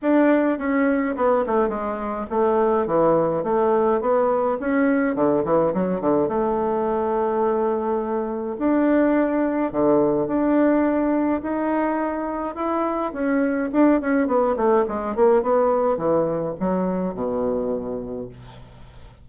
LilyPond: \new Staff \with { instrumentName = "bassoon" } { \time 4/4 \tempo 4 = 105 d'4 cis'4 b8 a8 gis4 | a4 e4 a4 b4 | cis'4 d8 e8 fis8 d8 a4~ | a2. d'4~ |
d'4 d4 d'2 | dis'2 e'4 cis'4 | d'8 cis'8 b8 a8 gis8 ais8 b4 | e4 fis4 b,2 | }